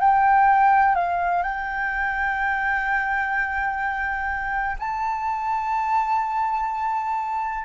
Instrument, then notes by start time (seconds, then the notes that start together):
flute
0.00 G5
0.95 F5
1.43 G5
4.80 A5